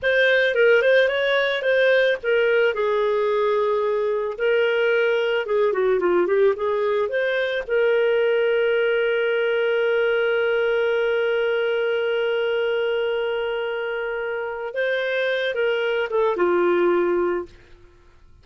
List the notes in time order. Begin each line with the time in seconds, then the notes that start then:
0.02 C5
0.55 A#4
0.82 C5
1.08 C#5
1.62 C5
2.22 A#4
2.73 G#4
4.38 A#4
5.45 G#4
5.72 F#4
5.99 F4
6.26 G4
6.56 G#4
7.08 C5
7.67 A#4
14.74 C5
15.54 A#4
16.10 A4
16.36 F4